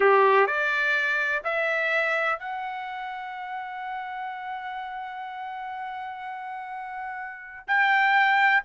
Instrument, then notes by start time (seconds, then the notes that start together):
trumpet
0.00 G4
0.47 D5
1.44 E5
2.39 F#5
7.67 G5